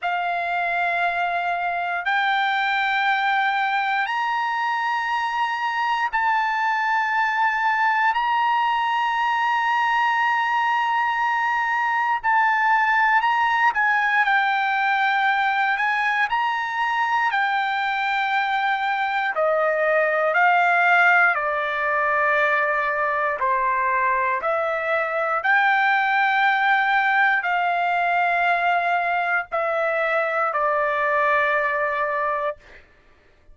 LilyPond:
\new Staff \with { instrumentName = "trumpet" } { \time 4/4 \tempo 4 = 59 f''2 g''2 | ais''2 a''2 | ais''1 | a''4 ais''8 gis''8 g''4. gis''8 |
ais''4 g''2 dis''4 | f''4 d''2 c''4 | e''4 g''2 f''4~ | f''4 e''4 d''2 | }